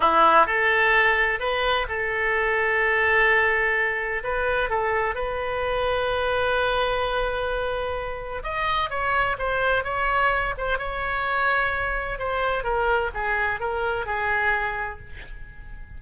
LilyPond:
\new Staff \with { instrumentName = "oboe" } { \time 4/4 \tempo 4 = 128 e'4 a'2 b'4 | a'1~ | a'4 b'4 a'4 b'4~ | b'1~ |
b'2 dis''4 cis''4 | c''4 cis''4. c''8 cis''4~ | cis''2 c''4 ais'4 | gis'4 ais'4 gis'2 | }